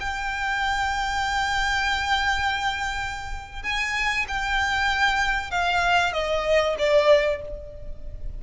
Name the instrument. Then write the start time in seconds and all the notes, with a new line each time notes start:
violin
0.00 G5
3.63 G#5
4.28 G5
5.51 F5
6.13 D#5
6.79 D5